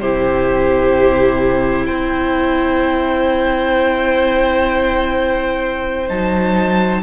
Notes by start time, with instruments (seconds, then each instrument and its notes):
0.00 cello C3, viola E4, violin G4 C5
1.86 cello C4, violin C5 G5
6.08 cello F#3, viola D#4, violin A5